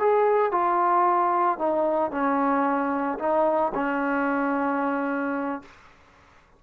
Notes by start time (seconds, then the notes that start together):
0.00 G#4
0.52 F4
1.59 D#4
2.11 C#4
3.19 D#4
3.75 C#4